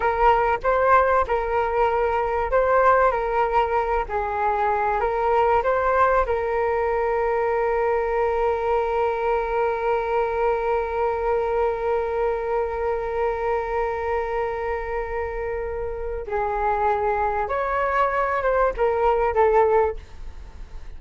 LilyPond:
\new Staff \with { instrumentName = "flute" } { \time 4/4 \tempo 4 = 96 ais'4 c''4 ais'2 | c''4 ais'4. gis'4. | ais'4 c''4 ais'2~ | ais'1~ |
ais'1~ | ais'1~ | ais'2 gis'2 | cis''4. c''8 ais'4 a'4 | }